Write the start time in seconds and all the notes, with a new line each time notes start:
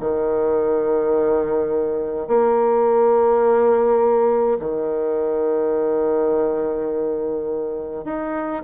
0.00 D#3
2.28 A#3
4.60 D#3
8.05 D#4